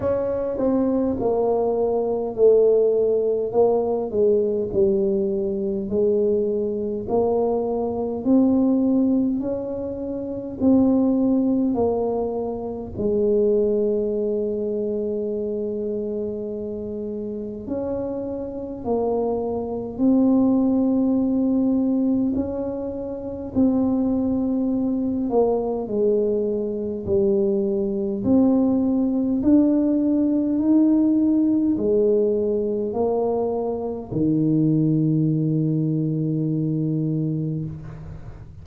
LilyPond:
\new Staff \with { instrumentName = "tuba" } { \time 4/4 \tempo 4 = 51 cis'8 c'8 ais4 a4 ais8 gis8 | g4 gis4 ais4 c'4 | cis'4 c'4 ais4 gis4~ | gis2. cis'4 |
ais4 c'2 cis'4 | c'4. ais8 gis4 g4 | c'4 d'4 dis'4 gis4 | ais4 dis2. | }